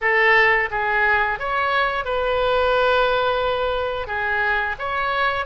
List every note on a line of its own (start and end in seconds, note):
0.01 0.69 A4
0.71 1.39 G#4
1.39 2.05 C#5
2.05 4.07 B4
4.07 4.75 G#4
4.78 5.45 C#5